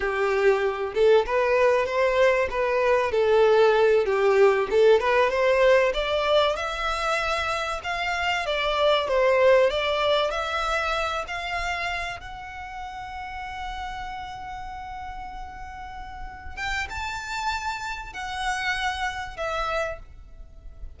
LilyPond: \new Staff \with { instrumentName = "violin" } { \time 4/4 \tempo 4 = 96 g'4. a'8 b'4 c''4 | b'4 a'4. g'4 a'8 | b'8 c''4 d''4 e''4.~ | e''8 f''4 d''4 c''4 d''8~ |
d''8 e''4. f''4. fis''8~ | fis''1~ | fis''2~ fis''8 g''8 a''4~ | a''4 fis''2 e''4 | }